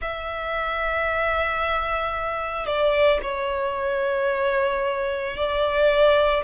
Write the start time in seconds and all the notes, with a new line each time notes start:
0.01 E5
2.66 D5
3.22 C#5
5.36 D5